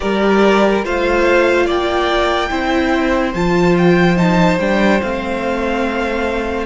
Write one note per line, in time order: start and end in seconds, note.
0.00 0.85 G3
0.00 0.82 G4
0.00 0.84 A#4
0.00 0.82 D5
0.84 1.66 A3
0.84 2.49 F4
0.84 1.66 C5
0.84 1.68 F5
1.66 2.50 A#3
1.66 2.49 D5
1.66 3.33 G5
2.49 3.34 C4
2.49 3.32 E4
2.49 6.65 C5
3.33 4.58 F3
3.33 4.16 F4
3.33 3.75 A5
3.77 4.17 G5
4.16 4.58 D#4
4.16 4.59 A5
4.58 5.00 G3
4.58 5.02 D4
4.58 5.01 G5
5.01 6.65 A3
5.01 6.65 C4
5.01 6.65 F5